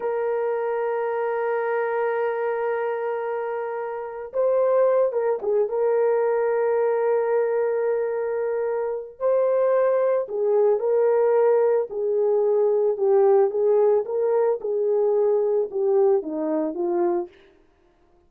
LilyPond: \new Staff \with { instrumentName = "horn" } { \time 4/4 \tempo 4 = 111 ais'1~ | ais'1 | c''4. ais'8 gis'8 ais'4.~ | ais'1~ |
ais'4 c''2 gis'4 | ais'2 gis'2 | g'4 gis'4 ais'4 gis'4~ | gis'4 g'4 dis'4 f'4 | }